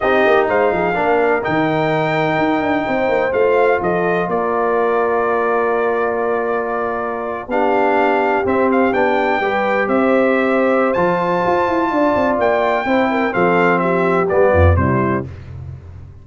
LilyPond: <<
  \new Staff \with { instrumentName = "trumpet" } { \time 4/4 \tempo 4 = 126 dis''4 f''2 g''4~ | g''2. f''4 | dis''4 d''2.~ | d''2.~ d''8. f''16~ |
f''4.~ f''16 e''8 f''8 g''4~ g''16~ | g''8. e''2~ e''16 a''4~ | a''2 g''2 | f''4 e''4 d''4 c''4 | }
  \new Staff \with { instrumentName = "horn" } { \time 4/4 g'4 c''8 gis'8 ais'2~ | ais'2 c''2 | a'4 ais'2.~ | ais'2.~ ais'8. g'16~ |
g'2.~ g'8. b'16~ | b'8. c''2.~ c''16~ | c''4 d''2 c''8 ais'8 | a'4 g'4. f'8 e'4 | }
  \new Staff \with { instrumentName = "trombone" } { \time 4/4 dis'2 d'4 dis'4~ | dis'2. f'4~ | f'1~ | f'2.~ f'8. d'16~ |
d'4.~ d'16 c'4 d'4 g'16~ | g'2. f'4~ | f'2. e'4 | c'2 b4 g4 | }
  \new Staff \with { instrumentName = "tuba" } { \time 4/4 c'8 ais8 gis8 f8 ais4 dis4~ | dis4 dis'8 d'8 c'8 ais8 a4 | f4 ais2.~ | ais2.~ ais8. b16~ |
b4.~ b16 c'4 b4 g16~ | g8. c'2~ c'16 f4 | f'8 e'8 d'8 c'8 ais4 c'4 | f2 g8 f,8 c4 | }
>>